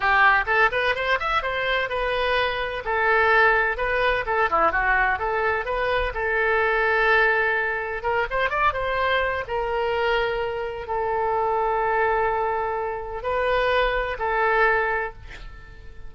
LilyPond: \new Staff \with { instrumentName = "oboe" } { \time 4/4 \tempo 4 = 127 g'4 a'8 b'8 c''8 e''8 c''4 | b'2 a'2 | b'4 a'8 e'8 fis'4 a'4 | b'4 a'2.~ |
a'4 ais'8 c''8 d''8 c''4. | ais'2. a'4~ | a'1 | b'2 a'2 | }